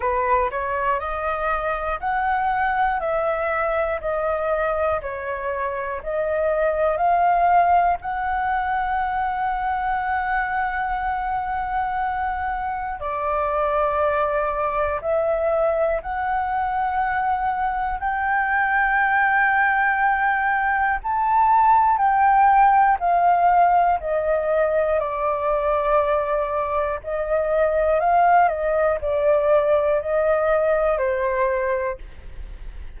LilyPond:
\new Staff \with { instrumentName = "flute" } { \time 4/4 \tempo 4 = 60 b'8 cis''8 dis''4 fis''4 e''4 | dis''4 cis''4 dis''4 f''4 | fis''1~ | fis''4 d''2 e''4 |
fis''2 g''2~ | g''4 a''4 g''4 f''4 | dis''4 d''2 dis''4 | f''8 dis''8 d''4 dis''4 c''4 | }